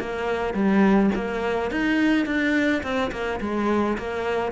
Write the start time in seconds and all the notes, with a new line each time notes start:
0.00 A#3
0.54 G3
1.16 A#3
1.71 D#4
2.26 D4
2.83 C4
3.12 A#3
3.41 G#3
3.98 A#3